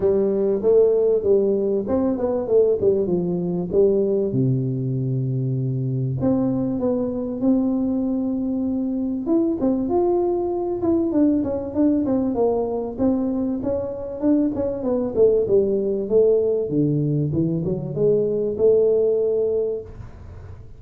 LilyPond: \new Staff \with { instrumentName = "tuba" } { \time 4/4 \tempo 4 = 97 g4 a4 g4 c'8 b8 | a8 g8 f4 g4 c4~ | c2 c'4 b4 | c'2. e'8 c'8 |
f'4. e'8 d'8 cis'8 d'8 c'8 | ais4 c'4 cis'4 d'8 cis'8 | b8 a8 g4 a4 d4 | e8 fis8 gis4 a2 | }